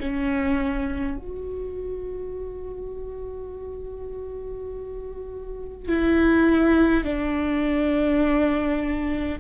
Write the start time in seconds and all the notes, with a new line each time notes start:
0.00 C#4
1.18 F#4
5.88 E4
7.04 D4